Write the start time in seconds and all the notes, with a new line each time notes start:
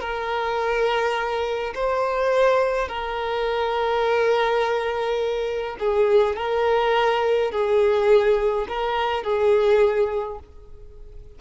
0.00 A#4
1.74 C5
2.88 A#4
5.79 G#4
6.36 A#4
7.51 G#4
8.68 A#4
9.23 G#4